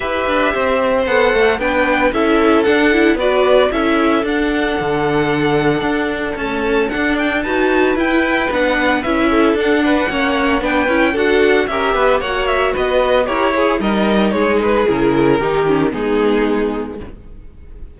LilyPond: <<
  \new Staff \with { instrumentName = "violin" } { \time 4/4 \tempo 4 = 113 e''2 fis''4 g''4 | e''4 fis''4 d''4 e''4 | fis''1 | a''4 fis''8 g''8 a''4 g''4 |
fis''4 e''4 fis''2 | g''4 fis''4 e''4 fis''8 e''8 | dis''4 cis''4 dis''4 cis''8 b'8 | ais'2 gis'2 | }
  \new Staff \with { instrumentName = "violin" } { \time 4/4 b'4 c''2 b'4 | a'2 b'4 a'4~ | a'1~ | a'2 b'2~ |
b'4. a'4 b'8 cis''4 | b'4 a'4 ais'8 b'8 cis''4 | b'4 ais'8 gis'8 ais'4 gis'4~ | gis'4 g'4 dis'2 | }
  \new Staff \with { instrumentName = "viola" } { \time 4/4 g'2 a'4 d'4 | e'4 d'8 e'8 fis'4 e'4 | d'1 | a4 d'4 fis'4 e'4 |
d'4 e'4 d'4 cis'4 | d'8 e'8 fis'4 g'4 fis'4~ | fis'4 g'8 gis'8 dis'2 | e'4 dis'8 cis'8 b2 | }
  \new Staff \with { instrumentName = "cello" } { \time 4/4 e'8 d'8 c'4 b8 a8 b4 | cis'4 d'4 b4 cis'4 | d'4 d2 d'4 | cis'4 d'4 dis'4 e'4 |
b4 cis'4 d'4 ais4 | b8 cis'8 d'4 cis'8 b8 ais4 | b4 e'4 g4 gis4 | cis4 dis4 gis2 | }
>>